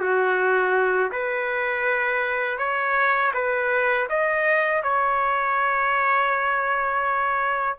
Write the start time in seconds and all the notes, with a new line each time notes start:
0.00 F#4
1.12 B4
2.58 C#5
3.34 B4
4.09 D#5
4.83 C#5